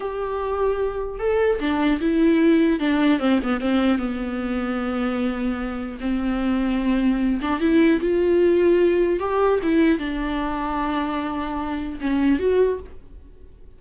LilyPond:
\new Staff \with { instrumentName = "viola" } { \time 4/4 \tempo 4 = 150 g'2. a'4 | d'4 e'2 d'4 | c'8 b8 c'4 b2~ | b2. c'4~ |
c'2~ c'8 d'8 e'4 | f'2. g'4 | e'4 d'2.~ | d'2 cis'4 fis'4 | }